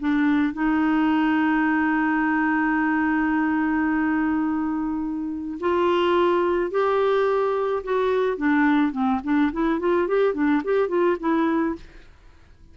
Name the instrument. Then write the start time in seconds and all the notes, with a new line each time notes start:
clarinet
0.00 D4
0.54 D#4
5.60 F4
6.71 G4
7.84 F#4
8.38 D4
8.93 C4
9.24 D4
9.53 E4
9.80 F4
10.08 G4
10.35 D4
10.64 G4
10.89 F4
11.20 E4